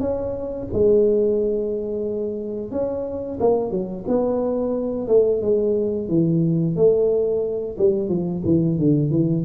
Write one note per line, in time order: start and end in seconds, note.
0.00 0.67 C#4
0.73 2.71 G#3
2.71 3.39 C#4
3.40 3.70 A#3
3.70 4.04 F#3
4.07 5.07 B3
5.07 5.41 A3
5.41 6.09 G#3
6.09 6.76 E3
6.76 7.77 A3
7.78 8.09 G3
8.09 8.42 F3
8.45 8.78 E3
8.78 9.11 D3
9.11 9.44 E3